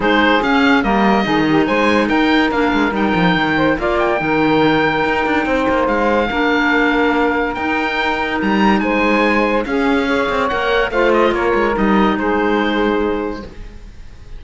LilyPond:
<<
  \new Staff \with { instrumentName = "oboe" } { \time 4/4 \tempo 4 = 143 c''4 f''4 dis''2 | gis''4 g''4 f''4 g''4~ | g''4 f''8 g''2~ g''8~ | g''2 f''2~ |
f''2 g''2 | ais''4 gis''2 f''4~ | f''4 fis''4 f''8 dis''8 cis''4 | dis''4 c''2. | }
  \new Staff \with { instrumentName = "saxophone" } { \time 4/4 gis'2 ais'4 gis'8 g'8 | c''4 ais'2.~ | ais'8 c''8 d''4 ais'2~ | ais'4 c''2 ais'4~ |
ais'1~ | ais'4 c''2 gis'4 | cis''2 c''4 ais'4~ | ais'4 gis'2. | }
  \new Staff \with { instrumentName = "clarinet" } { \time 4/4 dis'4 cis'4 ais4 dis'4~ | dis'2 d'4 dis'4~ | dis'4 f'4 dis'2~ | dis'2. d'4~ |
d'2 dis'2~ | dis'2. cis'4 | gis'4 ais'4 f'2 | dis'1 | }
  \new Staff \with { instrumentName = "cello" } { \time 4/4 gis4 cis'4 g4 dis4 | gis4 dis'4 ais8 gis8 g8 f8 | dis4 ais4 dis2 | dis'8 d'8 c'8 ais8 gis4 ais4~ |
ais2 dis'2 | g4 gis2 cis'4~ | cis'8 c'8 ais4 a4 ais8 gis8 | g4 gis2. | }
>>